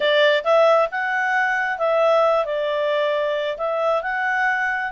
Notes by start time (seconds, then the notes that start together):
0.00 D5
0.44 E5
0.91 F#5
1.78 E5
2.45 D5
3.57 E5
4.02 F#5